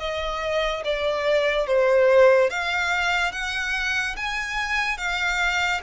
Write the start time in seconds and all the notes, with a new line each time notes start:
0.00 D#5
0.85 D5
1.67 C5
2.50 F5
3.33 F#5
4.17 G#5
4.98 F5